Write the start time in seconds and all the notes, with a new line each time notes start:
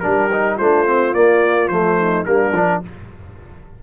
0.00 G3 D4 G4 A#4
0.32 D#4
0.56 A3 D4 F4 C5
0.86 C4
1.14 A#3 D5
1.68 F3 A3 C5
1.99 D#4
2.25 G3 A#3 D4 A#4
2.52 F3 D4